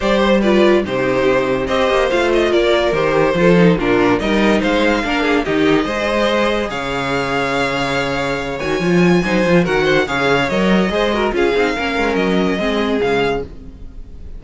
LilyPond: <<
  \new Staff \with { instrumentName = "violin" } { \time 4/4 \tempo 4 = 143 d''8 c''8 d''4 c''2 | dis''4 f''8 dis''8 d''4 c''4~ | c''4 ais'4 dis''4 f''4~ | f''4 dis''2. |
f''1~ | f''8 gis''2~ gis''8 fis''4 | f''4 dis''2 f''4~ | f''4 dis''2 f''4 | }
  \new Staff \with { instrumentName = "violin" } { \time 4/4 c''4 b'4 g'2 | c''2 ais'2 | a'4 f'4 ais'4 c''4 | ais'8 gis'8 g'4 c''2 |
cis''1~ | cis''2 c''4 ais'8 c''8 | cis''2 c''8 ais'8 gis'4 | ais'2 gis'2 | }
  \new Staff \with { instrumentName = "viola" } { \time 4/4 g'4 f'4 dis'2 | g'4 f'2 g'4 | f'8 dis'8 d'4 dis'2 | d'4 dis'4 gis'2~ |
gis'1~ | gis'8 fis'8 f'4 dis'8 f'8 fis'4 | gis'4 ais'4 gis'8 fis'8 f'8 dis'8 | cis'2 c'4 gis4 | }
  \new Staff \with { instrumentName = "cello" } { \time 4/4 g2 c2 | c'8 ais8 a4 ais4 dis4 | f4 ais,4 g4 gis4 | ais4 dis4 gis2 |
cis1~ | cis8 dis8 f4 fis8 f8 dis4 | cis4 fis4 gis4 cis'8 c'8 | ais8 gis8 fis4 gis4 cis4 | }
>>